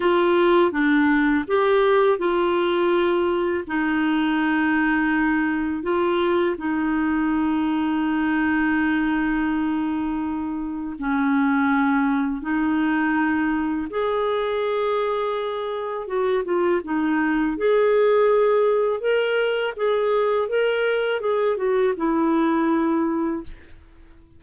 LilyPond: \new Staff \with { instrumentName = "clarinet" } { \time 4/4 \tempo 4 = 82 f'4 d'4 g'4 f'4~ | f'4 dis'2. | f'4 dis'2.~ | dis'2. cis'4~ |
cis'4 dis'2 gis'4~ | gis'2 fis'8 f'8 dis'4 | gis'2 ais'4 gis'4 | ais'4 gis'8 fis'8 e'2 | }